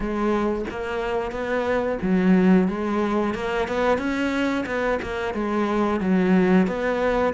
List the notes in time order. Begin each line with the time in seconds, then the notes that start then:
0.00 G#3
0.70 A#3
1.32 B3
2.02 F#3
2.68 G#3
3.34 A#3
3.68 B3
3.98 C#4
4.65 B3
5.02 A#3
5.34 G#3
6.00 F#3
6.67 B3